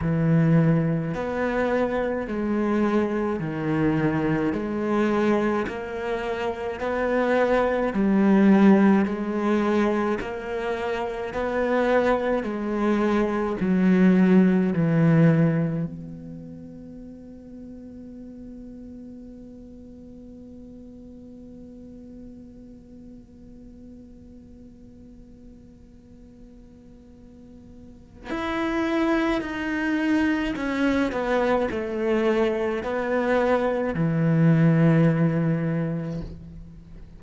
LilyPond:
\new Staff \with { instrumentName = "cello" } { \time 4/4 \tempo 4 = 53 e4 b4 gis4 dis4 | gis4 ais4 b4 g4 | gis4 ais4 b4 gis4 | fis4 e4 b2~ |
b1~ | b1~ | b4 e'4 dis'4 cis'8 b8 | a4 b4 e2 | }